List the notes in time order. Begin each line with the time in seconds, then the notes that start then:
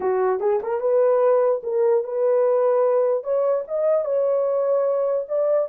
0.00 F#4
0.39 G#4
0.62 A#4
0.80 B4
1.63 A#4
2.04 B4
3.23 C#5
3.67 D#5
4.04 C#5
5.28 D5